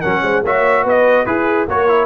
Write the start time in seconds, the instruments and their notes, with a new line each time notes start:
0.00 tuba F#3, trombone C#4, horn A#4, trumpet F#5
0.22 tuba G#3, horn C5
0.43 tuba A#3, trombone F#4, horn C#5, trumpet E5
0.83 tuba B3, horn B4, trumpet D#5
1.25 tuba E4, horn G#4, trombone G#4, trumpet B4
1.67 tuba A#3, trombone F#4, horn A#4, trumpet C#5
1.88 trombone E4